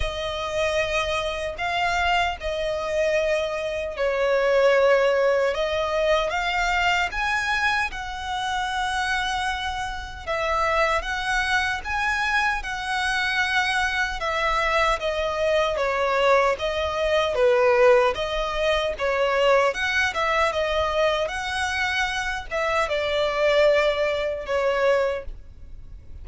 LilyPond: \new Staff \with { instrumentName = "violin" } { \time 4/4 \tempo 4 = 76 dis''2 f''4 dis''4~ | dis''4 cis''2 dis''4 | f''4 gis''4 fis''2~ | fis''4 e''4 fis''4 gis''4 |
fis''2 e''4 dis''4 | cis''4 dis''4 b'4 dis''4 | cis''4 fis''8 e''8 dis''4 fis''4~ | fis''8 e''8 d''2 cis''4 | }